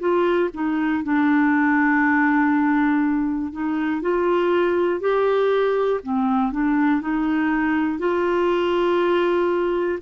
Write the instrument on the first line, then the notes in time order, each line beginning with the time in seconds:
clarinet
0.00 F4
0.54 D#4
1.04 D4
3.53 D#4
4.02 F4
5.01 G4
6.04 C4
6.53 D4
7.02 D#4
7.99 F4